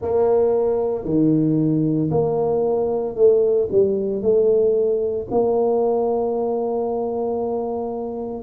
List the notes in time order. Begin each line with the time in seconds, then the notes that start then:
0.01 A#3
1.04 D#3
2.11 A#3
3.15 A3
3.71 G3
4.22 A3
5.30 A#3